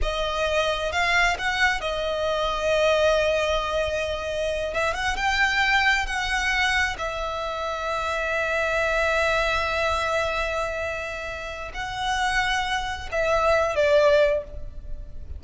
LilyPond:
\new Staff \with { instrumentName = "violin" } { \time 4/4 \tempo 4 = 133 dis''2 f''4 fis''4 | dis''1~ | dis''2~ dis''8 e''8 fis''8 g''8~ | g''4. fis''2 e''8~ |
e''1~ | e''1~ | e''2 fis''2~ | fis''4 e''4. d''4. | }